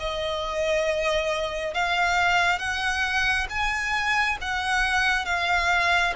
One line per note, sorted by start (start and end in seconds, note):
0.00 1.74 D#5
1.74 2.59 F5
2.59 3.47 F#5
3.50 4.38 G#5
4.42 5.26 F#5
5.26 6.14 F5